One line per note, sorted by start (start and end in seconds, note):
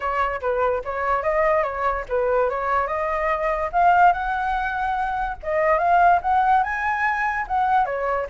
0.00 0.40 C#5
0.41 0.82 B4
0.84 1.22 C#5
1.22 1.63 D#5
1.63 2.04 C#5
2.08 2.49 B4
2.49 2.87 C#5
2.87 3.70 D#5
3.72 4.12 F5
4.12 5.36 F#5
5.42 5.78 D#5
5.78 6.20 F5
6.22 6.63 F#5
6.63 7.45 G#5
7.47 7.85 F#5
7.85 8.27 C#5